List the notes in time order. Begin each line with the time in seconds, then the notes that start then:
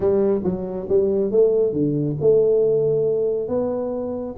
0.00 G3
0.44 F#3
0.88 G3
1.31 A3
1.73 D3
2.21 A3
3.48 B3